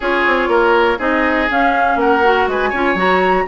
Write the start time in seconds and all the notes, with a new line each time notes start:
0.00 C#4 F4 G#4 C#5
0.26 C4
0.48 A#3 A#4
0.98 C4 D#4 G#4 D#5
1.49 C#4 F5
1.95 A#3 A#4 F#5
2.23 F#4
2.47 G#3 B4 G#5
2.69 C#4 F4 C#5
2.94 F#3 F#4 A#5